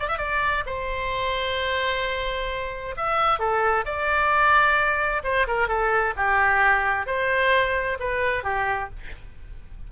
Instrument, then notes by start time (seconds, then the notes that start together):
oboe
0.00 D5
0.08 E5
0.19 D5
0.66 C5
2.97 E5
3.40 A4
3.85 D5
5.24 C5
5.48 A#4
5.69 A4
6.17 G4
7.07 C5
8.00 B4
8.44 G4